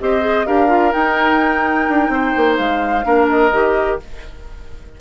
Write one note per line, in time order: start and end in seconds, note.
0.00 0.47 C4
0.00 0.21 G4
0.00 0.46 C5
0.00 0.46 D#5
0.21 0.45 G#4
0.46 0.94 D4
0.46 0.68 G4
0.46 2.12 A#4
0.46 0.93 F5
0.68 0.91 F4
0.91 3.04 D#4
0.91 1.89 D#4
0.91 2.57 G5
1.89 2.09 D4
2.09 2.33 C4
2.09 3.06 C5
2.37 2.59 A#3
2.57 3.05 G#3
2.57 3.28 F5
3.04 3.52 A#3
3.04 3.51 D4
3.04 4.00 A#4
3.29 4.00 D#5
3.52 4.00 D#3
3.52 4.00 G4